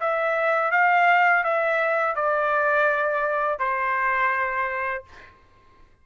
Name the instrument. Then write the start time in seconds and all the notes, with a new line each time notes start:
trumpet
0.00 E5
0.71 F5
1.44 E5
2.15 D5
3.59 C5